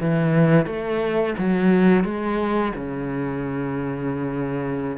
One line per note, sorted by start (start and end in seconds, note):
0.00 0.66 E3
0.66 1.34 A3
1.39 2.04 F#3
2.04 2.72 G#3
2.76 4.97 C#3